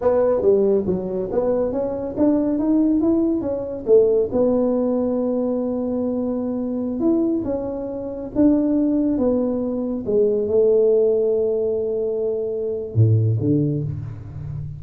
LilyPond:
\new Staff \with { instrumentName = "tuba" } { \time 4/4 \tempo 4 = 139 b4 g4 fis4 b4 | cis'4 d'4 dis'4 e'4 | cis'4 a4 b2~ | b1~ |
b16 e'4 cis'2 d'8.~ | d'4~ d'16 b2 gis8.~ | gis16 a2.~ a8.~ | a2 a,4 d4 | }